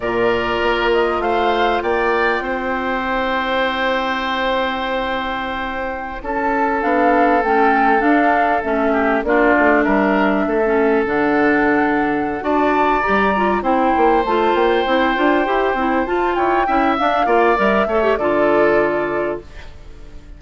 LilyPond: <<
  \new Staff \with { instrumentName = "flute" } { \time 4/4 \tempo 4 = 99 d''4. dis''8 f''4 g''4~ | g''1~ | g''2~ g''16 a''4 f''8.~ | f''16 g''4 f''4 e''4 d''8.~ |
d''16 e''2 fis''4.~ fis''16~ | fis''8 a''4 ais''4 g''4 a''8 | g''2~ g''8 a''8 g''4 | f''4 e''4 d''2 | }
  \new Staff \with { instrumentName = "oboe" } { \time 4/4 ais'2 c''4 d''4 | c''1~ | c''2~ c''16 a'4.~ a'16~ | a'2~ a'8. g'8 f'8.~ |
f'16 ais'4 a'2~ a'8.~ | a'8 d''2 c''4.~ | c''2. cis''8 e''8~ | e''8 d''4 cis''8 a'2 | }
  \new Staff \with { instrumentName = "clarinet" } { \time 4/4 f'1~ | f'4 e'2.~ | e'2.~ e'16 d'8.~ | d'16 cis'4 d'4 cis'4 d'8.~ |
d'4. cis'8. d'4.~ d'16~ | d'8 fis'4 g'8 f'8 e'4 f'8~ | f'8 e'8 f'8 g'8 e'8 f'4 e'8 | d'8 f'8 ais'8 a'16 g'16 f'2 | }
  \new Staff \with { instrumentName = "bassoon" } { \time 4/4 ais,4 ais4 a4 ais4 | c'1~ | c'2~ c'16 cis'4 b8.~ | b16 a4 d'4 a4 ais8 a16~ |
a16 g4 a4 d4.~ d16~ | d8 d'4 g4 c'8 ais8 a8 | ais8 c'8 d'8 e'8 c'8 f'8 e'8 cis'8 | d'8 ais8 g8 a8 d2 | }
>>